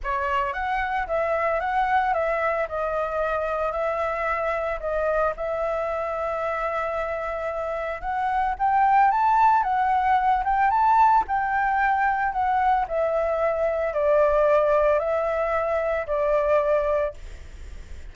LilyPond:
\new Staff \with { instrumentName = "flute" } { \time 4/4 \tempo 4 = 112 cis''4 fis''4 e''4 fis''4 | e''4 dis''2 e''4~ | e''4 dis''4 e''2~ | e''2. fis''4 |
g''4 a''4 fis''4. g''8 | a''4 g''2 fis''4 | e''2 d''2 | e''2 d''2 | }